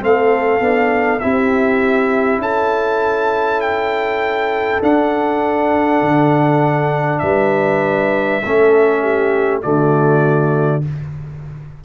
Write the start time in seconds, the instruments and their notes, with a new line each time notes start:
0.00 tuba A3, trombone C4, horn A4, trumpet F5
0.60 tuba B3, trombone D4
1.20 tuba C4, trombone E4, horn G4, trumpet E5
2.38 tuba C#4, horn A4, trumpet A5
3.61 trumpet G5
4.82 trombone D4, tuba D4, trumpet F#5
6.01 tuba D3
7.19 tuba G3, horn B4, trumpet E5
8.44 tuba A3, trombone C#4, horn A4
9.02 horn G4
9.62 tuba D3, trombone A3, horn F#4, trumpet D5